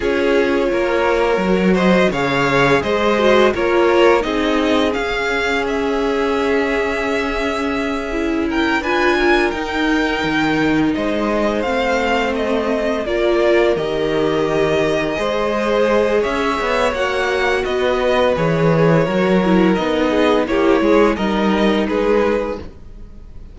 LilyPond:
<<
  \new Staff \with { instrumentName = "violin" } { \time 4/4 \tempo 4 = 85 cis''2~ cis''8 dis''8 f''4 | dis''4 cis''4 dis''4 f''4 | e''1 | g''8 gis''4 g''2 dis''8~ |
dis''8 f''4 dis''4 d''4 dis''8~ | dis''2. e''4 | fis''4 dis''4 cis''2 | dis''4 cis''4 dis''4 b'4 | }
  \new Staff \with { instrumentName = "violin" } { \time 4/4 gis'4 ais'4. c''8 cis''4 | c''4 ais'4 gis'2~ | gis'1 | ais'8 b'8 ais'2~ ais'8 c''8~ |
c''2~ c''8 ais'4.~ | ais'4. c''4. cis''4~ | cis''4 b'2 ais'4~ | ais'8 gis'8 g'8 gis'8 ais'4 gis'4 | }
  \new Staff \with { instrumentName = "viola" } { \time 4/4 f'2 fis'4 gis'4~ | gis'8 fis'8 f'4 dis'4 cis'4~ | cis'2.~ cis'8 e'8~ | e'8 f'4 dis'2~ dis'8~ |
dis'8 c'2 f'4 g'8~ | g'4. gis'2~ gis'8 | fis'2 gis'4 fis'8 e'8 | dis'4 e'4 dis'2 | }
  \new Staff \with { instrumentName = "cello" } { \time 4/4 cis'4 ais4 fis4 cis4 | gis4 ais4 c'4 cis'4~ | cis'1~ | cis'8 d'4 dis'4 dis4 gis8~ |
gis8 a2 ais4 dis8~ | dis4. gis4. cis'8 b8 | ais4 b4 e4 fis4 | b4 ais8 gis8 g4 gis4 | }
>>